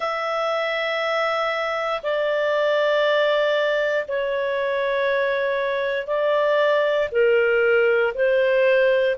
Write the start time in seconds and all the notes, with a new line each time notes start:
0.00 E5
2.02 D5
4.07 C#5
6.06 D5
7.11 A#4
8.14 C5